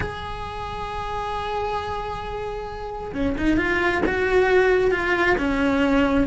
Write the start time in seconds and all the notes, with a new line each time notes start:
0.00 G#4
3.13 C#4
3.37 D#4
3.57 F4
4.05 F#4
4.91 F4
5.38 C#4